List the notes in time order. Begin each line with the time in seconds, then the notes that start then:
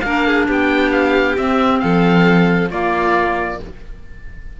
0.00 A#3 D4 A#4 F5
0.27 G#4
0.47 B3 G4 G5
0.91 F5
1.36 C4 E5
1.79 F3 A4 F5
2.70 A#3 F4 D5